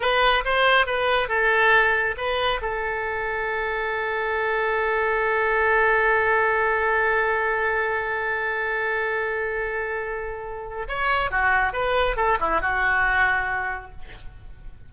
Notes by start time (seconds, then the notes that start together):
0.00 B4
0.44 C5
0.86 B4
1.28 A4
2.17 B4
2.61 A4
10.88 C#5
11.30 F#4
11.73 B4
12.16 A4
12.40 E4
12.61 F#4